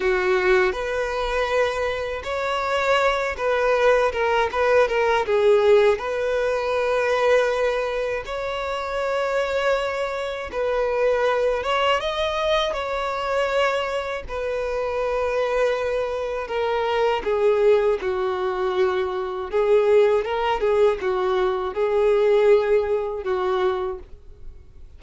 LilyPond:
\new Staff \with { instrumentName = "violin" } { \time 4/4 \tempo 4 = 80 fis'4 b'2 cis''4~ | cis''8 b'4 ais'8 b'8 ais'8 gis'4 | b'2. cis''4~ | cis''2 b'4. cis''8 |
dis''4 cis''2 b'4~ | b'2 ais'4 gis'4 | fis'2 gis'4 ais'8 gis'8 | fis'4 gis'2 fis'4 | }